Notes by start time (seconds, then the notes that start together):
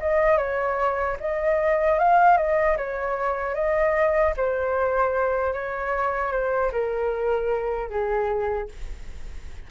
0.00 D#5
0.38 C#5
1.20 D#5
1.99 F5
2.37 D#5
2.77 C#5
3.55 D#5
4.37 C5
5.53 C#5
6.32 C5
6.72 A#4
7.90 G#4